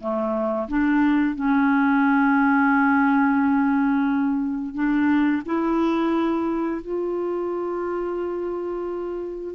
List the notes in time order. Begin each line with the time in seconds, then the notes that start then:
0.00 A3
0.68 D4
1.35 C#4
4.74 D4
5.46 E4
6.82 F4